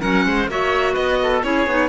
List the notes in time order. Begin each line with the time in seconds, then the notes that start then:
0.00 F#3 C#4 A#4 F#5
0.26 G#3 C5
0.48 A#3 F#4 C#5 E5
0.94 B3 B4 D#5
1.23 A4
1.43 C#4 E4 G#4 C#5
1.67 B3 D#4